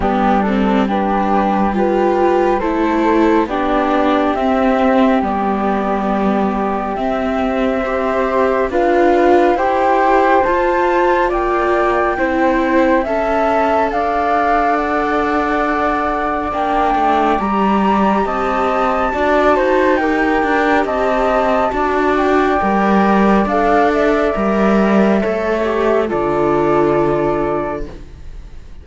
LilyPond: <<
  \new Staff \with { instrumentName = "flute" } { \time 4/4 \tempo 4 = 69 g'8 a'8 b'4 g'4 c''4 | d''4 e''4 d''2 | e''2 f''4 g''4 | a''4 g''2 a''4 |
f''4 fis''2 g''4 | ais''4 a''2 g''4 | a''4. g''4. f''8 e''8~ | e''2 d''2 | }
  \new Staff \with { instrumentName = "flute" } { \time 4/4 d'4 g'4 b'4 a'4 | g'1~ | g'4 c''4 b'4 c''4~ | c''4 d''4 c''4 e''4 |
d''1~ | d''4 dis''4 d''8 c''8 ais'4 | dis''4 d''2.~ | d''4 cis''4 a'2 | }
  \new Staff \with { instrumentName = "viola" } { \time 4/4 b8 c'8 d'4 f'4 e'4 | d'4 c'4 b2 | c'4 g'4 f'4 g'4 | f'2 e'4 a'4~ |
a'2. d'4 | g'2 fis'4 g'4~ | g'4 fis'4 ais'4 a'4 | ais'4 a'8 g'8 f'2 | }
  \new Staff \with { instrumentName = "cello" } { \time 4/4 g2. a4 | b4 c'4 g2 | c'2 d'4 e'4 | f'4 ais4 c'4 cis'4 |
d'2. ais8 a8 | g4 c'4 d'8 dis'4 d'8 | c'4 d'4 g4 d'4 | g4 a4 d2 | }
>>